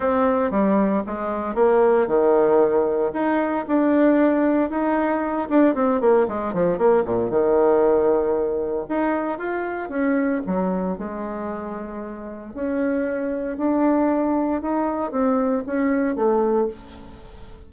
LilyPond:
\new Staff \with { instrumentName = "bassoon" } { \time 4/4 \tempo 4 = 115 c'4 g4 gis4 ais4 | dis2 dis'4 d'4~ | d'4 dis'4. d'8 c'8 ais8 | gis8 f8 ais8 ais,8 dis2~ |
dis4 dis'4 f'4 cis'4 | fis4 gis2. | cis'2 d'2 | dis'4 c'4 cis'4 a4 | }